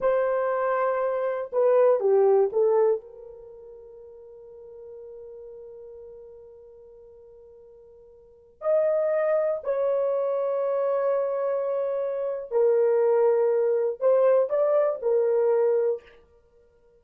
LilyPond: \new Staff \with { instrumentName = "horn" } { \time 4/4 \tempo 4 = 120 c''2. b'4 | g'4 a'4 ais'2~ | ais'1~ | ais'1~ |
ais'4~ ais'16 dis''2 cis''8.~ | cis''1~ | cis''4 ais'2. | c''4 d''4 ais'2 | }